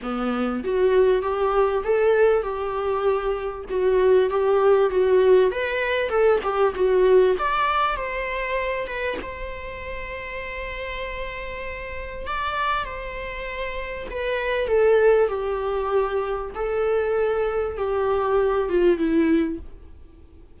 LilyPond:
\new Staff \with { instrumentName = "viola" } { \time 4/4 \tempo 4 = 98 b4 fis'4 g'4 a'4 | g'2 fis'4 g'4 | fis'4 b'4 a'8 g'8 fis'4 | d''4 c''4. b'8 c''4~ |
c''1 | d''4 c''2 b'4 | a'4 g'2 a'4~ | a'4 g'4. f'8 e'4 | }